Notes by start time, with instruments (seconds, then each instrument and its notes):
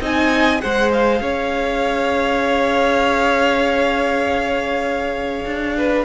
0.00 cello C4, viola D#4, violin D#5 G#5
0.60 cello G#3, viola G#4, violin C5 F#5
0.92 violin F5
1.21 cello C#4, violin C#5
5.45 cello D4
5.77 violin B4